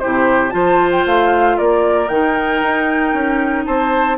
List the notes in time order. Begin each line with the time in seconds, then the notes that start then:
0.00 C3 E4 G4 C5
0.51 F3 F4 C5 A5
0.92 G5
1.06 A3 F5
1.57 A#3 A#4 D5
2.09 D#3 D#4 G5
2.63 D#4
3.14 C#4
3.66 C4 C5 A5